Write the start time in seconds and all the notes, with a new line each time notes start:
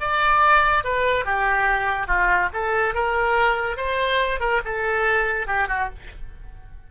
0.00 D5
0.84 B4
1.25 G4
2.07 F4
2.53 A4
2.94 A#4
3.77 C5
4.40 A#4
4.65 A4
5.47 G4
5.68 F#4